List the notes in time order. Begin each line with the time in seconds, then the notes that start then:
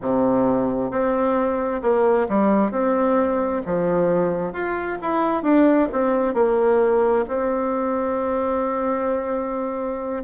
0.01 C3
0.90 C4
1.81 A#3
2.29 G3
2.71 C4
3.65 F3
4.52 F4
5.01 E4
5.43 D4
5.92 C4
6.34 A#3
7.28 C4